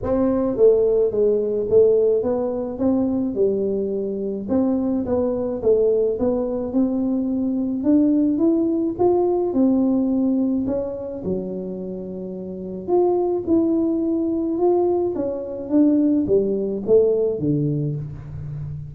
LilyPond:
\new Staff \with { instrumentName = "tuba" } { \time 4/4 \tempo 4 = 107 c'4 a4 gis4 a4 | b4 c'4 g2 | c'4 b4 a4 b4 | c'2 d'4 e'4 |
f'4 c'2 cis'4 | fis2. f'4 | e'2 f'4 cis'4 | d'4 g4 a4 d4 | }